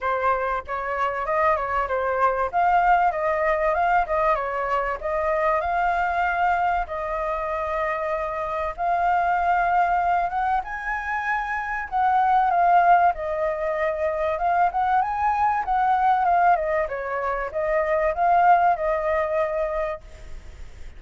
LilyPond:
\new Staff \with { instrumentName = "flute" } { \time 4/4 \tempo 4 = 96 c''4 cis''4 dis''8 cis''8 c''4 | f''4 dis''4 f''8 dis''8 cis''4 | dis''4 f''2 dis''4~ | dis''2 f''2~ |
f''8 fis''8 gis''2 fis''4 | f''4 dis''2 f''8 fis''8 | gis''4 fis''4 f''8 dis''8 cis''4 | dis''4 f''4 dis''2 | }